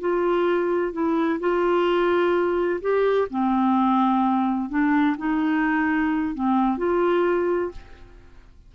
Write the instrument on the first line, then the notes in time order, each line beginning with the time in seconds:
clarinet
0.00 F4
0.92 E4
1.40 F4
2.81 G4
3.30 C4
4.69 D4
5.17 D#4
6.35 C4
6.77 F4